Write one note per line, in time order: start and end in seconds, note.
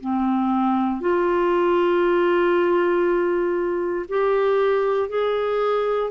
0.00 1.00 C4
1.00 4.05 F4
4.08 5.08 G4
5.08 6.10 G#4